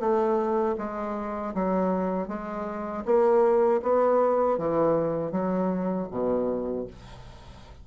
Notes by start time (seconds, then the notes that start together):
0.00 A3
0.78 G#3
1.55 F#3
2.28 G#3
3.05 A#3
3.83 B3
4.58 E3
5.32 F#3
6.11 B2